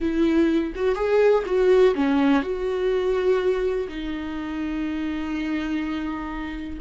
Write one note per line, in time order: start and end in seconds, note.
0.00 0.73 E4
0.75 0.95 F#4
0.95 1.43 G#4
1.45 1.94 F#4
1.94 2.42 C#4
2.42 3.87 F#4
3.88 6.78 D#4